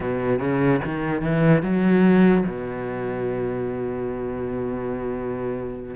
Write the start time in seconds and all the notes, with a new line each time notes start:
0.00 B2
0.39 C#3
0.84 D#3
1.21 E3
1.62 F#3
2.46 B2